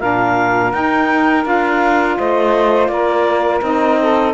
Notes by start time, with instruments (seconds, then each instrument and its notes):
0.00 cello A#2, saxophone D4 A#4, clarinet F5
0.72 saxophone D#4, cello D#4, clarinet G5
1.44 cello D4, saxophone F4, clarinet F5
2.18 cello A3, saxophone C5, clarinet D#5
2.87 cello A#3, saxophone A#4, clarinet D5
3.62 cello C4, saxophone D#4, clarinet D#5
4.00 saxophone A4